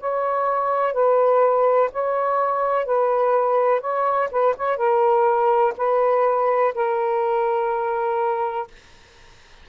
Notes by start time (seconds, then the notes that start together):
0.00 C#5
0.93 B4
1.92 C#5
2.85 B4
3.80 C#5
4.31 B4
4.57 C#5
4.77 A#4
5.77 B4
6.74 A#4